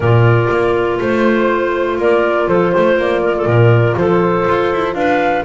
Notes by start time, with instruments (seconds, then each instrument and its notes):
0.00 double bass A#2, clarinet F4 A#4, flute D5
0.49 double bass A#3
1.00 double bass A3, flute C5, clarinet C5
1.98 double bass A#3, clarinet A#4, flute D5
2.48 double bass F3, clarinet A4, flute C5
2.72 double bass A3, clarinet C5
2.97 double bass A#3, flute D5
3.24 clarinet A#4
3.37 clarinet A4
3.45 double bass A#2, clarinet A#4
3.96 double bass F3, clarinet A4, flute C5
4.48 double bass F4
4.73 double bass E4
4.93 double bass D4, clarinet B4, flute F5